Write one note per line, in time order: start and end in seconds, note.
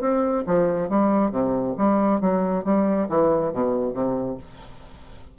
0.00 0.44 C4
0.46 0.89 F3
0.89 1.31 G3
1.31 1.75 C3
1.77 2.21 G3
2.21 2.64 F#3
2.64 3.08 G3
3.09 3.52 E3
3.53 3.93 B2
3.93 4.37 C3